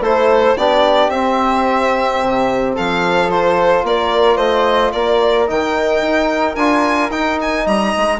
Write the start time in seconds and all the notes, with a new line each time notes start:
0.00 A3 E4 A4 C5
0.57 B3 D4 G4 D5
1.08 C4 E5
2.21 C3
2.75 F3 A4 F5
3.29 F4 C5
3.84 A#3 A#4 D5
4.37 A3 C5 D#5
4.92 A#3 A#4 D5
5.47 D#3 D#4 G5
6.01 D#4
6.55 D4 F4 G#5
7.11 D#4 G5
7.41 G#5
7.64 G3 D#5 A#5
7.97 G#3